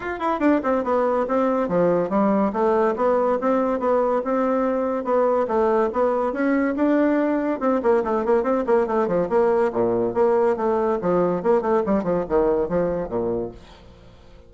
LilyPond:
\new Staff \with { instrumentName = "bassoon" } { \time 4/4 \tempo 4 = 142 f'8 e'8 d'8 c'8 b4 c'4 | f4 g4 a4 b4 | c'4 b4 c'2 | b4 a4 b4 cis'4 |
d'2 c'8 ais8 a8 ais8 | c'8 ais8 a8 f8 ais4 ais,4 | ais4 a4 f4 ais8 a8 | g8 f8 dis4 f4 ais,4 | }